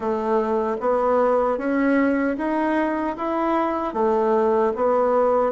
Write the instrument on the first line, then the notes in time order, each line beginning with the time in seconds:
bassoon
0.00 A3
0.80 B3
1.58 C#4
2.37 D#4
3.17 E4
3.93 A3
4.75 B3